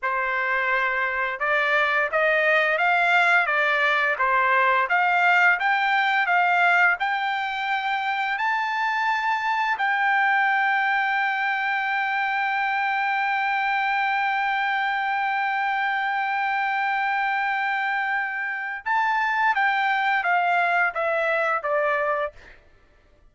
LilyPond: \new Staff \with { instrumentName = "trumpet" } { \time 4/4 \tempo 4 = 86 c''2 d''4 dis''4 | f''4 d''4 c''4 f''4 | g''4 f''4 g''2 | a''2 g''2~ |
g''1~ | g''1~ | g''2. a''4 | g''4 f''4 e''4 d''4 | }